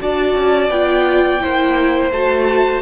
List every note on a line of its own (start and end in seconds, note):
0.00 0.35 D4
0.00 0.71 F#4
0.00 1.42 D5
0.00 0.70 A5
0.35 0.69 C#4
0.69 1.40 B3
0.69 1.40 F4
0.69 2.11 G5
1.40 2.11 A#3
1.40 2.11 E4
1.40 2.81 C5
2.11 2.81 A3
2.11 2.81 F#4
2.11 2.81 A5